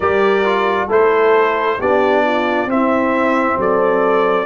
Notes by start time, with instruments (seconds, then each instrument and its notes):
0.00 tuba G3, trombone G4, horn A#4, trumpet D5
0.45 trombone F4
0.87 tuba A3, trombone E4, horn A4, trumpet C5
1.79 tuba B3, trombone D4, horn G4, trumpet D5
2.25 horn F4
2.66 tuba C4, trombone C4, horn E4, trumpet E5
3.57 tuba F#3, horn A4, trumpet D5